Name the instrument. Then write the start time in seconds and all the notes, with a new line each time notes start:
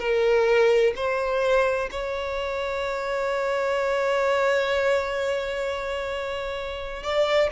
violin
0.00 A#4
0.96 C5
1.91 C#5
7.03 D5